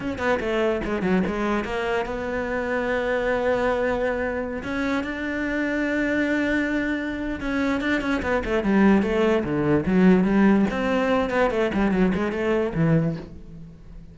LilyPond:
\new Staff \with { instrumentName = "cello" } { \time 4/4 \tempo 4 = 146 cis'8 b8 a4 gis8 fis8 gis4 | ais4 b2.~ | b2.~ b16 cis'8.~ | cis'16 d'2.~ d'8.~ |
d'2 cis'4 d'8 cis'8 | b8 a8 g4 a4 d4 | fis4 g4 c'4. b8 | a8 g8 fis8 gis8 a4 e4 | }